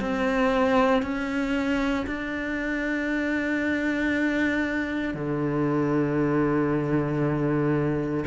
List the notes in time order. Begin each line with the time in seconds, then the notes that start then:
0.00 C4
1.03 C#4
2.06 D4
5.14 D3